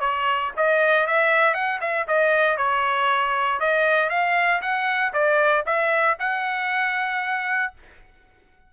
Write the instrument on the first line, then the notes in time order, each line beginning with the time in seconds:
trumpet
0.00 C#5
0.57 D#5
1.07 E5
1.54 F#5
1.80 E5
2.07 D#5
2.57 C#5
3.60 D#5
4.10 F5
4.62 F#5
5.13 D5
5.66 E5
6.19 F#5